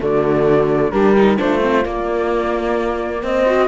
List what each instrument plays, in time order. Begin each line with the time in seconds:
0.00 cello D3, viola A3, horn F#4, flute D5
0.91 cello G3, viola D4, horn G4, flute A#4
1.16 viola D#4
1.36 cello A3, viola D4, horn F4, flute C5
1.61 viola C4
1.85 viola A#3, cello A#3, flute D5
3.22 cello C4, horn C5, flute D#5
3.46 viola F#4